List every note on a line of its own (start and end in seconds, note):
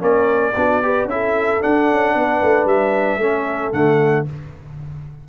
0.00 0.55 A#3
0.00 0.53 C#4
0.00 0.55 A#4
0.00 1.09 D5
0.56 1.05 B3
0.56 0.83 D4
0.56 0.85 F#4
0.83 1.09 G4
0.83 1.12 B4
1.05 1.58 C#4
1.05 1.61 E4
1.05 1.62 E5
1.12 2.16 A4
1.61 3.20 D4
1.61 1.92 D4
1.61 2.67 F#5
1.92 2.15 C#4
2.15 2.42 B3
2.15 3.22 B4
2.42 2.65 A3
2.65 3.18 G3
2.65 3.73 E5
3.18 3.71 A3
3.18 3.73 C#4
3.18 4.29 A4
3.73 4.26 D3
3.73 4.26 A3
3.73 4.26 F#5